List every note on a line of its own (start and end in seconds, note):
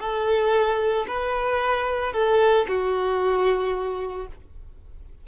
0.00 1.06 A4
1.08 2.13 B4
2.13 2.66 A4
2.68 4.28 F#4